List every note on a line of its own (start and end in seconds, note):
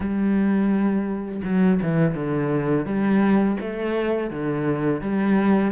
0.00 1.41 G3
1.44 1.80 F#3
1.82 2.14 E3
2.14 2.85 D3
2.85 3.57 G3
3.60 4.30 A3
4.30 5.01 D3
5.01 5.71 G3